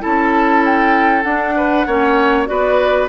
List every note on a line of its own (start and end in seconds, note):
0.00 1.24 C#4
0.00 1.22 E4
0.00 1.54 A4
0.00 0.63 A5
0.65 1.23 G5
1.23 1.86 D4
1.23 1.87 D4
1.23 2.45 F#5
1.56 1.87 B4
1.86 2.48 A#3
1.86 2.46 C#4
1.86 2.48 C#5
2.46 3.09 B3
2.46 3.07 F#4
2.46 3.09 B4
2.46 3.07 D5